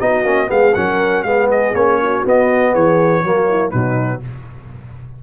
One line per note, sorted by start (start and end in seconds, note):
0.00 0.24 B3
0.00 0.25 D#4
0.00 0.50 F#4
0.00 0.50 D#5
0.24 0.49 A#3
0.24 0.48 C#4
0.48 0.76 G#3
0.48 0.72 B3
0.48 0.75 G#4
0.48 0.75 F5
0.75 1.24 F#3
0.75 1.26 C#4
0.75 1.26 A#4
0.75 1.23 F#5
1.23 1.74 G#3
1.23 1.75 B3
1.23 2.00 G#4
1.23 1.48 F5
1.51 1.75 D#5
1.74 2.24 A#3
1.74 2.26 C#4
1.74 2.25 C#5
2.01 2.73 F#4
2.26 2.75 B3
2.26 3.24 B3
2.26 2.75 D#5
2.73 3.24 E3
2.73 3.23 G#4
2.73 3.71 C#5
3.23 3.73 F#3
3.23 3.73 A#3
3.23 3.48 F#4
3.50 3.71 E4
3.71 4.23 B2
3.71 4.22 F#3
3.71 4.20 D#4
3.71 4.21 B4